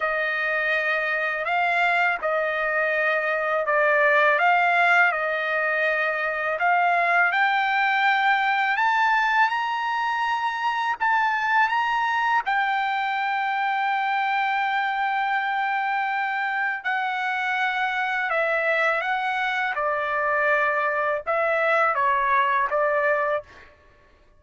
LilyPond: \new Staff \with { instrumentName = "trumpet" } { \time 4/4 \tempo 4 = 82 dis''2 f''4 dis''4~ | dis''4 d''4 f''4 dis''4~ | dis''4 f''4 g''2 | a''4 ais''2 a''4 |
ais''4 g''2.~ | g''2. fis''4~ | fis''4 e''4 fis''4 d''4~ | d''4 e''4 cis''4 d''4 | }